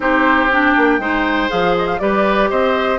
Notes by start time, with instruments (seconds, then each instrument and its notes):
0.00 bassoon C4, clarinet D#4, oboe G4, flute C5
0.50 clarinet D4, flute G5
0.77 bassoon A#3
0.98 bassoon G#3, clarinet D#4, oboe C5
1.48 bassoon F3, clarinet G#4, flute F5
1.78 flute D#5
1.87 flute F5
1.98 bassoon G3, clarinet G4, oboe B4, flute D5
2.50 bassoon C4, oboe C5, flute D#5